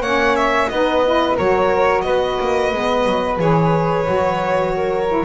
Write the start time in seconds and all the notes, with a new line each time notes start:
0.00 A#3 C#4 C#5 F#5
0.36 E5
0.69 B3 D#4 B4 D#5
1.05 E4
1.35 F#3 F#4 A#4 C#5
2.01 B3 B4 D#5
2.40 A#3
2.72 G#3 B3
3.06 F#3
3.39 E3 G#4 C#5
4.05 F#3 F#4
4.76 A#4
5.08 E4